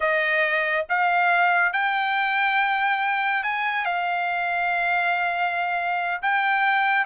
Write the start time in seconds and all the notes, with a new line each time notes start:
0.00 D#5
0.89 F5
1.72 G5
3.43 G#5
3.85 F5
6.21 G5